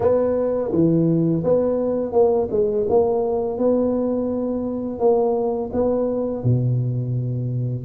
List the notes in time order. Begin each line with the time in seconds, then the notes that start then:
0.00 B3
0.71 E3
1.44 B3
2.12 A#3
2.51 G#3
2.89 A#3
3.58 B3
4.99 A#3
5.72 B3
6.43 B2